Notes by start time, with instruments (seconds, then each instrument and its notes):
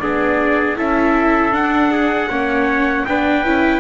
0.00 double bass B3, viola D4, trumpet G#4 D5
0.76 double bass C#4, viola E4, trumpet A4 E5
1.52 double bass D4, viola D4, trumpet F#5
1.92 trumpet G#4
2.29 double bass A#3, viola C#4, trumpet C#5
3.06 double bass B3, viola D4, trumpet B4 G5
3.44 double bass C#4, viola E4